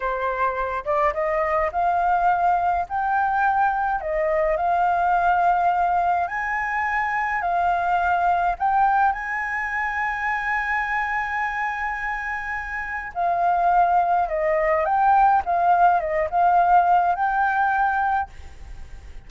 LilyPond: \new Staff \with { instrumentName = "flute" } { \time 4/4 \tempo 4 = 105 c''4. d''8 dis''4 f''4~ | f''4 g''2 dis''4 | f''2. gis''4~ | gis''4 f''2 g''4 |
gis''1~ | gis''2. f''4~ | f''4 dis''4 g''4 f''4 | dis''8 f''4. g''2 | }